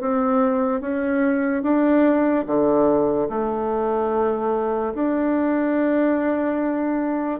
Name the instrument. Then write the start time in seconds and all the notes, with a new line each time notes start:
bassoon
0.00 C4
0.81 C#4
1.63 D4
2.46 D3
3.29 A3
4.94 D4